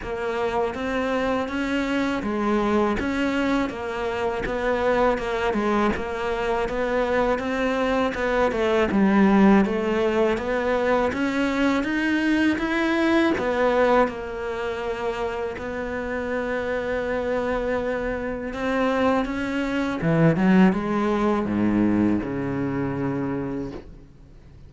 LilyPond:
\new Staff \with { instrumentName = "cello" } { \time 4/4 \tempo 4 = 81 ais4 c'4 cis'4 gis4 | cis'4 ais4 b4 ais8 gis8 | ais4 b4 c'4 b8 a8 | g4 a4 b4 cis'4 |
dis'4 e'4 b4 ais4~ | ais4 b2.~ | b4 c'4 cis'4 e8 fis8 | gis4 gis,4 cis2 | }